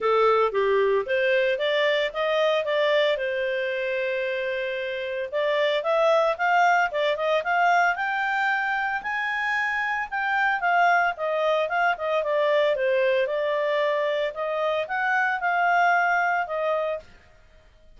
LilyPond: \new Staff \with { instrumentName = "clarinet" } { \time 4/4 \tempo 4 = 113 a'4 g'4 c''4 d''4 | dis''4 d''4 c''2~ | c''2 d''4 e''4 | f''4 d''8 dis''8 f''4 g''4~ |
g''4 gis''2 g''4 | f''4 dis''4 f''8 dis''8 d''4 | c''4 d''2 dis''4 | fis''4 f''2 dis''4 | }